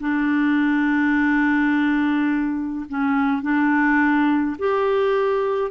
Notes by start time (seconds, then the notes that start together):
0.00 D4
2.89 C#4
3.42 D4
4.58 G4